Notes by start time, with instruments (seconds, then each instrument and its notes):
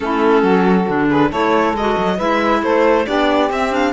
0.00 cello A3, clarinet C#4, saxophone E4, violin A4
0.42 cello F#3, saxophone F#4
0.87 cello D3, clarinet D4
1.08 saxophone G#4, violin B4
1.29 cello A3, clarinet E4, saxophone A4, violin C#5
1.73 cello G#3, clarinet F#4, violin D#5
1.97 cello F#3
2.16 cello G#3, clarinet E4, saxophone B4, violin E5
2.62 cello A3, saxophone A4, violin C5
3.05 cello B3, clarinet D4, saxophone G4, violin D5
3.50 cello C4, clarinet C4, violin E5
3.71 clarinet D4, violin F5